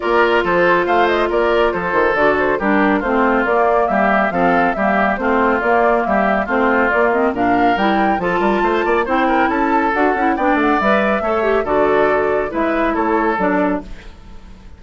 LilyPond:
<<
  \new Staff \with { instrumentName = "flute" } { \time 4/4 \tempo 4 = 139 d''4 c''4 f''8 dis''8 d''4 | c''4 d''8 c''8 ais'4 c''4 | d''4 e''4 f''4 e''4 | c''4 d''4 e''4 c''4 |
d''8 dis''8 f''4 g''4 a''4~ | a''4 g''4 a''4 fis''4 | g''8 fis''8 e''2 d''4~ | d''4 e''4 cis''4 d''4 | }
  \new Staff \with { instrumentName = "oboe" } { \time 4/4 ais'4 a'4 c''4 ais'4 | a'2 g'4 f'4~ | f'4 g'4 a'4 g'4 | f'2 g'4 f'4~ |
f'4 ais'2 a'8 ais'8 | c''8 d''8 c''8 ais'8 a'2 | d''2 cis''4 a'4~ | a'4 b'4 a'2 | }
  \new Staff \with { instrumentName = "clarinet" } { \time 4/4 f'1~ | f'4 fis'4 d'4 c'4 | ais2 c'4 ais4 | c'4 ais2 c'4 |
ais8 c'8 d'4 e'4 f'4~ | f'4 e'2 fis'8 e'8 | d'4 b'4 a'8 g'8 fis'4~ | fis'4 e'2 d'4 | }
  \new Staff \with { instrumentName = "bassoon" } { \time 4/4 ais4 f4 a4 ais4 | f8 dis8 d4 g4 a4 | ais4 g4 f4 g4 | a4 ais4 g4 a4 |
ais4 ais,4 g4 f8 g8 | a8 ais8 c'4 cis'4 d'8 cis'8 | b8 a8 g4 a4 d4~ | d4 gis4 a4 fis4 | }
>>